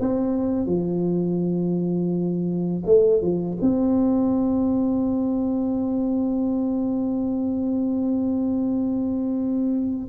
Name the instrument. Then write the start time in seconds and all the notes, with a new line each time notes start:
tuba
0.00 C4
0.66 F3
2.86 A3
3.21 F3
3.61 C4